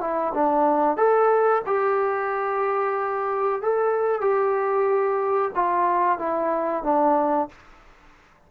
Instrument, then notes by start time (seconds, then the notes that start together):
trombone
0.00 E4
0.34 D4
0.97 A4
1.66 G4
3.61 A4
4.21 G4
5.55 F4
6.18 E4
6.83 D4